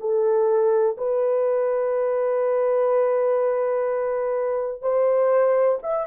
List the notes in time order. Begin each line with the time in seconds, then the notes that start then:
0.00 A4
0.98 B4
4.82 C5
5.83 E5